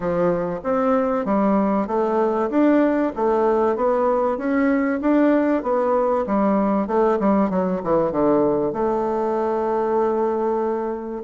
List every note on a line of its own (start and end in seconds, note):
0.00 0.60 F3
0.63 1.25 C4
1.25 1.87 G3
1.87 2.49 A3
2.49 3.12 D4
3.16 3.76 A3
3.76 4.37 B3
4.37 5.00 C#4
5.01 5.62 D4
5.62 6.25 B3
6.26 6.87 G3
6.87 7.18 A3
7.19 7.50 G3
7.50 7.81 F#3
7.83 8.11 E3
8.11 8.72 D3
8.72 11.22 A3